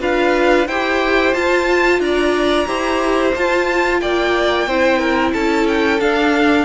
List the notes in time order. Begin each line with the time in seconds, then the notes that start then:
0.00 D4 F4 B4 F5
0.68 E4 G4 C5 G5
1.34 F4 A5
2.00 D4 D5 A#5
2.67 E4 G4 C5
3.35 F4 A5
4.01 A#3 D5 G5
4.67 C4 E4 C5
4.98 A#4
5.33 C#4 A4 A5
5.68 G5
6.00 D4 F5